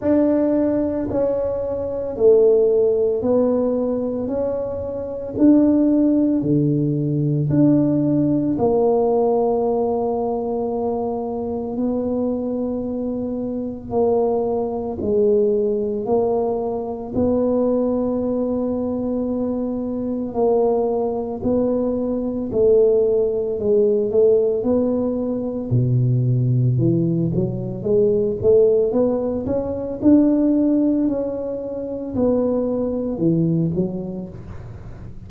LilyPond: \new Staff \with { instrumentName = "tuba" } { \time 4/4 \tempo 4 = 56 d'4 cis'4 a4 b4 | cis'4 d'4 d4 d'4 | ais2. b4~ | b4 ais4 gis4 ais4 |
b2. ais4 | b4 a4 gis8 a8 b4 | b,4 e8 fis8 gis8 a8 b8 cis'8 | d'4 cis'4 b4 e8 fis8 | }